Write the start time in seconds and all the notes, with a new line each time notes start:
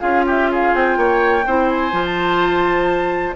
0.00 C#4 F4 G#4 F5
0.26 G4 E5
0.51 G#4 F5
0.74 C4 G5
0.96 A#3 C#5
1.46 C4 E4 C5
1.69 G#5
1.92 F3 F4
2.05 A5